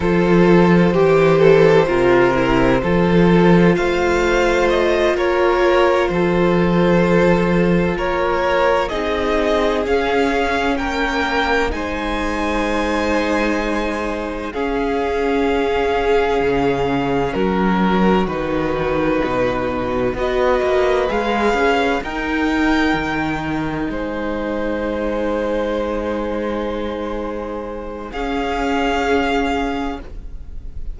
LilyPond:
<<
  \new Staff \with { instrumentName = "violin" } { \time 4/4 \tempo 4 = 64 c''1 | f''4 dis''8 cis''4 c''4.~ | c''8 cis''4 dis''4 f''4 g''8~ | g''8 gis''2. f''8~ |
f''2~ f''8 ais'4 b'8~ | b'4. dis''4 f''4 g''8~ | g''4. gis''2~ gis''8~ | gis''2 f''2 | }
  \new Staff \with { instrumentName = "violin" } { \time 4/4 a'4 g'8 a'8 ais'4 a'4 | c''4. ais'4 a'4.~ | a'8 ais'4 gis'2 ais'8~ | ais'8 c''2. gis'8~ |
gis'2~ gis'8 fis'4.~ | fis'4. b'2 ais'8~ | ais'4. c''2~ c''8~ | c''2 gis'2 | }
  \new Staff \with { instrumentName = "viola" } { \time 4/4 f'4 g'4 f'8 e'8 f'4~ | f'1~ | f'4. dis'4 cis'4.~ | cis'8 dis'2. cis'8~ |
cis'2.~ cis'8 dis'8~ | dis'4. fis'4 gis'4 dis'8~ | dis'1~ | dis'2 cis'2 | }
  \new Staff \with { instrumentName = "cello" } { \time 4/4 f4 e4 c4 f4 | a4. ais4 f4.~ | f8 ais4 c'4 cis'4 ais8~ | ais8 gis2. cis'8~ |
cis'4. cis4 fis4 dis8~ | dis8 b,4 b8 ais8 gis8 cis'8 dis'8~ | dis'8 dis4 gis2~ gis8~ | gis2 cis'2 | }
>>